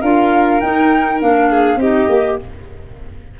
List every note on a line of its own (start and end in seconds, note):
0.00 0.61 D4
0.00 0.61 F4
0.00 1.49 A#4
0.00 0.60 F5
0.60 1.19 D#4
0.60 1.22 D#4
0.60 1.19 G5
1.19 1.76 A#3
1.19 1.79 D4
1.19 1.80 F5
1.49 1.79 G#4
1.76 2.06 C4
1.76 2.09 D#4
1.76 2.39 G4
1.76 2.39 D#5
2.09 2.38 A#3
2.09 2.38 G4